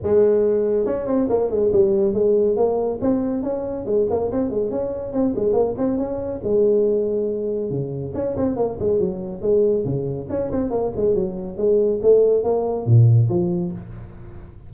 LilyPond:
\new Staff \with { instrumentName = "tuba" } { \time 4/4 \tempo 4 = 140 gis2 cis'8 c'8 ais8 gis8 | g4 gis4 ais4 c'4 | cis'4 gis8 ais8 c'8 gis8 cis'4 | c'8 gis8 ais8 c'8 cis'4 gis4~ |
gis2 cis4 cis'8 c'8 | ais8 gis8 fis4 gis4 cis4 | cis'8 c'8 ais8 gis8 fis4 gis4 | a4 ais4 ais,4 f4 | }